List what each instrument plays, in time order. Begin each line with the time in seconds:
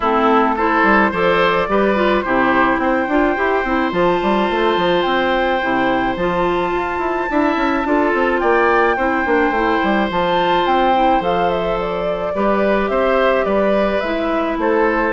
0.00 bassoon A3, clarinet C4, oboe E4, flute A4
0.55 clarinet E4, oboe A4, flute C5
0.83 bassoon G3
1.11 bassoon F3, clarinet A4, oboe C5, flute D5
1.68 bassoon G3, clarinet G4, oboe B4
1.95 clarinet F4
2.21 bassoon C3, clarinet E4, oboe G4, flute C5
2.78 bassoon C4, oboe C5, flute G5
3.08 bassoon D4, clarinet F4
3.36 bassoon E4, clarinet G4
3.63 bassoon C4, clarinet E4
3.91 bassoon F3, clarinet F4, flute A5
4.22 bassoon G3
4.49 bassoon A3
4.76 bassoon F3
5.02 bassoon C4, flute G5
5.61 bassoon C3, clarinet E4
6.16 bassoon F3, clarinet F4, flute A5
6.72 bassoon F4
6.98 bassoon E4
7.29 bassoon D4, clarinet E4, oboe E5
7.56 bassoon C#4
7.84 bassoon D4, clarinet F4, oboe A4
8.13 bassoon C4
8.39 bassoon A#3, oboe D5, flute G5
8.96 bassoon C4, clarinet E4, oboe C5
9.25 bassoon A#3, clarinet D4
9.50 bassoon A3, clarinet E4
9.83 bassoon G3
10.10 bassoon F3, clarinet F4, flute A5
10.66 bassoon C4, flute G5
10.94 clarinet E4
11.20 bassoon F3, clarinet A4, flute F5
11.50 flute E5
11.80 flute D5
12.35 bassoon G3, clarinet G4, oboe B4
12.88 bassoon C4, oboe C5, flute E5
13.44 bassoon G3, oboe B4, flute D5
14.00 bassoon G#3, clarinet E4, flute E5
14.57 bassoon A3, oboe A4, flute C5